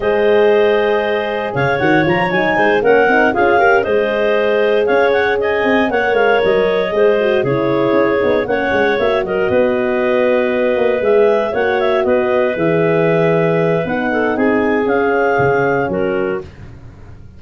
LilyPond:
<<
  \new Staff \with { instrumentName = "clarinet" } { \time 4/4 \tempo 4 = 117 dis''2. f''8 fis''8 | ais''8 gis''4 fis''4 f''4 dis''8~ | dis''4. f''8 fis''8 gis''4 fis''8 | f''8 dis''2 cis''4.~ |
cis''8 fis''4 e''8 dis''2~ | dis''4. e''4 fis''8 e''8 dis''8~ | dis''8 e''2~ e''8 fis''4 | gis''4 f''2 ais'4 | }
  \new Staff \with { instrumentName = "clarinet" } { \time 4/4 c''2. cis''4~ | cis''4 c''8 ais'4 gis'8 ais'8 c''8~ | c''4. cis''4 dis''4 cis''8~ | cis''4. c''4 gis'4.~ |
gis'8 cis''4. ais'8 b'4.~ | b'2~ b'8 cis''4 b'8~ | b'2.~ b'8 a'8 | gis'2. fis'4 | }
  \new Staff \with { instrumentName = "horn" } { \time 4/4 gis'2.~ gis'8 fis'8 | f'8 dis'4 cis'8 dis'8 f'8 g'8 gis'8~ | gis'2.~ gis'8 ais'8~ | ais'4. gis'8 fis'8 e'4. |
dis'8 cis'4 fis'2~ fis'8~ | fis'4. gis'4 fis'4.~ | fis'8 gis'2~ gis'8 dis'4~ | dis'4 cis'2. | }
  \new Staff \with { instrumentName = "tuba" } { \time 4/4 gis2. cis8 dis8 | f8 fis8 gis8 ais8 c'8 cis'4 gis8~ | gis4. cis'4. c'8 ais8 | gis8 fis4 gis4 cis4 cis'8 |
b8 ais8 gis8 ais8 fis8 b4.~ | b4 ais8 gis4 ais4 b8~ | b8 e2~ e8 b4 | c'4 cis'4 cis4 fis4 | }
>>